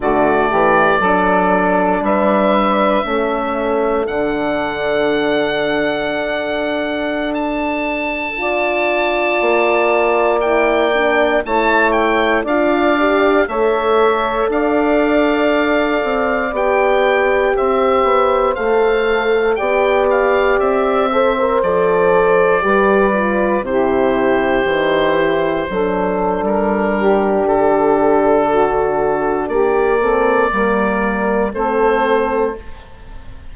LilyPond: <<
  \new Staff \with { instrumentName = "oboe" } { \time 4/4 \tempo 4 = 59 d''2 e''2 | fis''2.~ fis''16 a''8.~ | a''2~ a''16 g''4 a''8 g''16~ | g''16 f''4 e''4 f''4.~ f''16~ |
f''16 g''4 e''4 f''4 g''8 f''16~ | f''16 e''4 d''2 c''8.~ | c''2 ais'4 a'4~ | a'4 d''2 c''4 | }
  \new Staff \with { instrumentName = "saxophone" } { \time 4/4 fis'8 g'8 a'4 b'4 a'4~ | a'1~ | a'16 d''2. cis''8.~ | cis''16 d''4 cis''4 d''4.~ d''16~ |
d''4~ d''16 c''2 d''8.~ | d''8. c''4. b'4 g'8.~ | g'4~ g'16 a'4~ a'16 g'4. | fis'4 g'8 a'8 ais'4 a'4 | }
  \new Staff \with { instrumentName = "horn" } { \time 4/4 a4 d'2 cis'4 | d'1~ | d'16 f'2 e'8 d'8 e'8.~ | e'16 f'8 g'8 a'2~ a'8.~ |
a'16 g'2 a'4 g'8.~ | g'8. a'16 ais'16 a'4 g'8 f'8 e'8.~ | e'16 dis'8 e'8 d'2~ d'8.~ | d'4. c'8 ais4 c'4 | }
  \new Staff \with { instrumentName = "bassoon" } { \time 4/4 d8 e8 fis4 g4 a4 | d2 d'2~ | d'4~ d'16 ais2 a8.~ | a16 d'4 a4 d'4. c'16~ |
c'16 b4 c'8 b8 a4 b8.~ | b16 c'4 f4 g4 c8.~ | c16 e4 fis8. g4 d4~ | d4 ais4 g4 a4 | }
>>